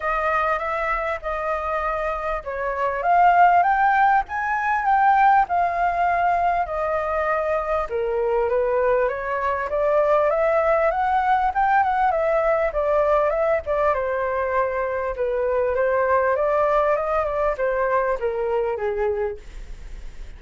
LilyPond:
\new Staff \with { instrumentName = "flute" } { \time 4/4 \tempo 4 = 99 dis''4 e''4 dis''2 | cis''4 f''4 g''4 gis''4 | g''4 f''2 dis''4~ | dis''4 ais'4 b'4 cis''4 |
d''4 e''4 fis''4 g''8 fis''8 | e''4 d''4 e''8 d''8 c''4~ | c''4 b'4 c''4 d''4 | dis''8 d''8 c''4 ais'4 gis'4 | }